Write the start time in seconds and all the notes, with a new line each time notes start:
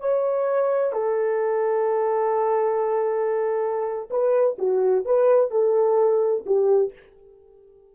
0.00 C#5
0.93 A4
4.10 B4
4.59 F#4
5.05 B4
5.51 A4
6.46 G4